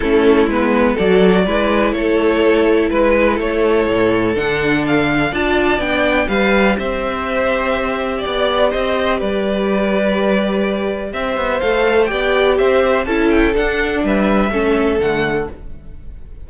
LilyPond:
<<
  \new Staff \with { instrumentName = "violin" } { \time 4/4 \tempo 4 = 124 a'4 b'4 d''2 | cis''2 b'4 cis''4~ | cis''4 fis''4 f''4 a''4 | g''4 f''4 e''2~ |
e''4 d''4 dis''4 d''4~ | d''2. e''4 | f''4 g''4 e''4 a''8 g''8 | fis''4 e''2 fis''4 | }
  \new Staff \with { instrumentName = "violin" } { \time 4/4 e'2 a'4 b'4 | a'2 b'4 a'4~ | a'2. d''4~ | d''4 b'4 c''2~ |
c''4 d''4 c''4 b'4~ | b'2. c''4~ | c''4 d''4 c''4 a'4~ | a'4 b'4 a'2 | }
  \new Staff \with { instrumentName = "viola" } { \time 4/4 cis'4 b4 fis'4 e'4~ | e'1~ | e'4 d'2 f'4 | d'4 g'2.~ |
g'1~ | g'1 | a'4 g'2 e'4 | d'2 cis'4 a4 | }
  \new Staff \with { instrumentName = "cello" } { \time 4/4 a4 gis4 fis4 gis4 | a2 gis4 a4 | a,4 d2 d'4 | b4 g4 c'2~ |
c'4 b4 c'4 g4~ | g2. c'8 b8 | a4 b4 c'4 cis'4 | d'4 g4 a4 d4 | }
>>